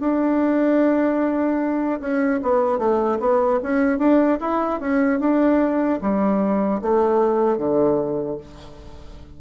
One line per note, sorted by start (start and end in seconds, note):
0.00 2.00 D4
2.00 2.40 C#4
2.43 2.78 B3
2.78 3.19 A3
3.19 3.59 B3
3.63 3.98 C#4
3.98 4.38 D4
4.40 4.80 E4
4.80 5.19 C#4
5.19 5.99 D4
6.01 6.81 G3
6.82 7.57 A3
7.57 8.37 D3